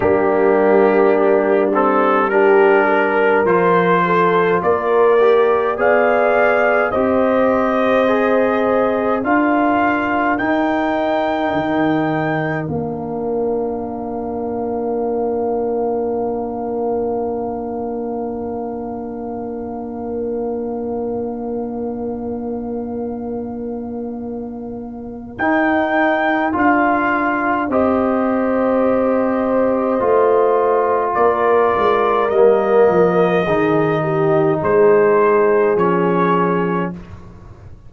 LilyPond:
<<
  \new Staff \with { instrumentName = "trumpet" } { \time 4/4 \tempo 4 = 52 g'4. a'8 ais'4 c''4 | d''4 f''4 dis''2 | f''4 g''2 f''4~ | f''1~ |
f''1~ | f''2 g''4 f''4 | dis''2. d''4 | dis''2 c''4 cis''4 | }
  \new Staff \with { instrumentName = "horn" } { \time 4/4 d'2 g'8 ais'4 a'8 | ais'4 d''4 c''2 | ais'1~ | ais'1~ |
ais'1~ | ais'1 | c''2. ais'4~ | ais'4 gis'8 g'8 gis'2 | }
  \new Staff \with { instrumentName = "trombone" } { \time 4/4 ais4. c'8 d'4 f'4~ | f'8 g'8 gis'4 g'4 gis'4 | f'4 dis'2 d'4~ | d'1~ |
d'1~ | d'2 dis'4 f'4 | g'2 f'2 | ais4 dis'2 cis'4 | }
  \new Staff \with { instrumentName = "tuba" } { \time 4/4 g2. f4 | ais4 b4 c'2 | d'4 dis'4 dis4 ais4~ | ais1~ |
ais1~ | ais2 dis'4 d'4 | c'2 a4 ais8 gis8 | g8 f8 dis4 gis4 f4 | }
>>